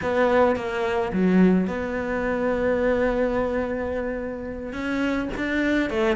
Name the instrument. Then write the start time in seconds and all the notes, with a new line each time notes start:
cello
0.02 B3
0.56 A#3
1.12 F#3
1.67 B3
4.73 C#4
5.37 D4
5.90 A3